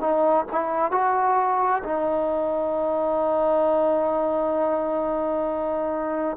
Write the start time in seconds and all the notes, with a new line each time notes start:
0.00 D#4
0.52 E4
0.92 F#4
1.84 D#4